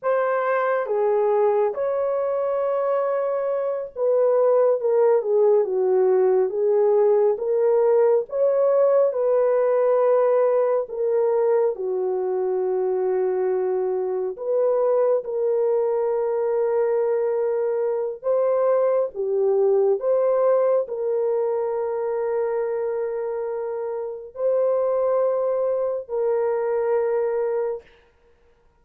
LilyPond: \new Staff \with { instrumentName = "horn" } { \time 4/4 \tempo 4 = 69 c''4 gis'4 cis''2~ | cis''8 b'4 ais'8 gis'8 fis'4 gis'8~ | gis'8 ais'4 cis''4 b'4.~ | b'8 ais'4 fis'2~ fis'8~ |
fis'8 b'4 ais'2~ ais'8~ | ais'4 c''4 g'4 c''4 | ais'1 | c''2 ais'2 | }